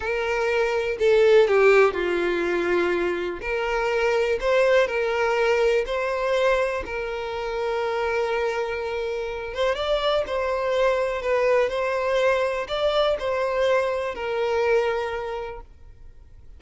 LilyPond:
\new Staff \with { instrumentName = "violin" } { \time 4/4 \tempo 4 = 123 ais'2 a'4 g'4 | f'2. ais'4~ | ais'4 c''4 ais'2 | c''2 ais'2~ |
ais'2.~ ais'8 c''8 | d''4 c''2 b'4 | c''2 d''4 c''4~ | c''4 ais'2. | }